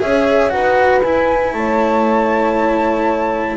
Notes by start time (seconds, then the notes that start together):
0.00 C#4 G#4 C#5 E5
0.50 D#4 F#4 B4 F#5
1.02 E4 G#5
1.53 A3 C#5 A5